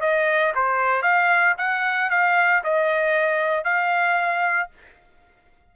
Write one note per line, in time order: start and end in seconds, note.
0.00 0.53 D#5
0.55 1.02 C5
1.02 1.55 F5
1.57 2.10 F#5
2.10 2.63 F5
2.63 3.64 D#5
3.64 4.69 F5